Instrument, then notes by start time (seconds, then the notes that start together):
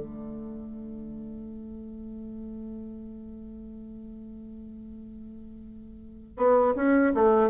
bassoon
0.00 A3
6.37 B3
6.76 C#4
7.15 A3